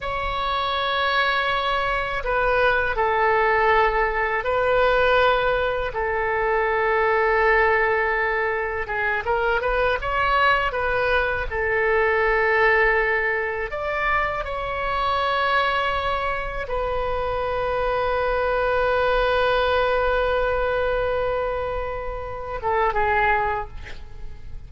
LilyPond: \new Staff \with { instrumentName = "oboe" } { \time 4/4 \tempo 4 = 81 cis''2. b'4 | a'2 b'2 | a'1 | gis'8 ais'8 b'8 cis''4 b'4 a'8~ |
a'2~ a'8 d''4 cis''8~ | cis''2~ cis''8 b'4.~ | b'1~ | b'2~ b'8 a'8 gis'4 | }